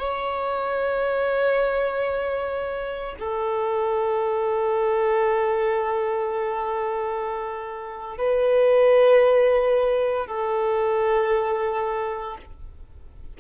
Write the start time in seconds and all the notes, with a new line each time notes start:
0.00 C#5
3.20 A4
8.18 B4
10.27 A4